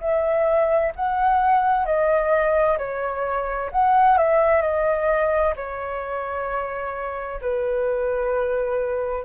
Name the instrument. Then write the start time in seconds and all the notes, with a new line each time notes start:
flute
0.00 E5
0.96 F#5
1.85 D#5
2.78 C#5
3.71 F#5
4.17 E5
4.62 D#5
5.56 C#5
7.41 B4